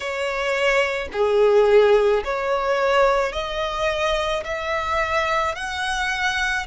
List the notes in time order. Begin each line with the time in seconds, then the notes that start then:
0.00 C#5
1.12 G#4
2.24 C#5
3.32 D#5
4.44 E5
5.55 F#5